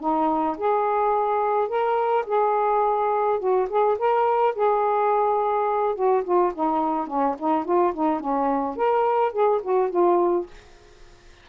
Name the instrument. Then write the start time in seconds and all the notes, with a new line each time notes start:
saxophone
0.00 D#4
0.58 G#4
1.68 A#4
2.26 G#4
3.40 F#4
3.69 G#4
3.98 A#4
4.55 G#4
5.95 F#4
6.24 F4
6.54 D#4
7.07 C#4
7.39 D#4
7.65 F4
7.93 D#4
8.20 C#4
8.76 A#4
9.32 G#4
9.63 F#4
9.90 F4